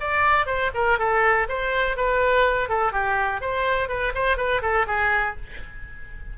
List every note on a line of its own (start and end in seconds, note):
0.00 0.46 D5
0.46 0.70 C5
0.74 0.98 A#4
0.98 1.47 A4
1.48 1.96 C5
1.96 2.69 B4
2.69 2.92 A4
2.92 3.41 G4
3.41 3.88 C5
3.88 4.12 B4
4.14 4.36 C5
4.36 4.61 B4
4.61 4.86 A4
4.86 5.35 G#4